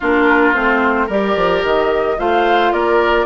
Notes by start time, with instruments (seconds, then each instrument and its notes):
0.00 bassoon A#3, clarinet D4, oboe F4, flute A#4
0.53 bassoon A3, clarinet C4, flute C5
1.06 bassoon G3, clarinet G4, oboe A#4, flute D5
1.35 bassoon F3
1.63 bassoon D#3, flute D#5
2.18 bassoon A3, clarinet F4, oboe C5, flute F5
2.72 bassoon A#3, oboe A#4, flute D5